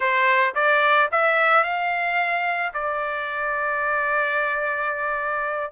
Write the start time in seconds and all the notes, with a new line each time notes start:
0.00 C5
0.55 D5
1.11 E5
1.63 F5
2.73 D5